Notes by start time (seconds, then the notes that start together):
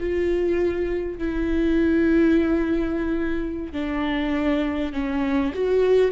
0.00 F4
1.18 E4
3.73 D4
4.93 C#4
5.54 F#4